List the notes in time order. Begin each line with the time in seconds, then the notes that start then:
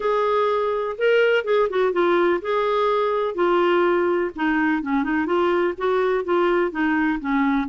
0.00 G#4
0.97 A#4
1.44 G#4
1.69 F#4
1.92 F4
2.41 G#4
3.34 F4
4.35 D#4
4.82 C#4
5.03 D#4
5.26 F4
5.77 F#4
6.24 F4
6.71 D#4
7.20 C#4